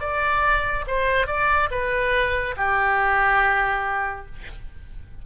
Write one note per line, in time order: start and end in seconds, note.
0.00 0.85 D5
0.87 1.27 C5
1.27 1.69 D5
1.71 2.55 B4
2.57 4.26 G4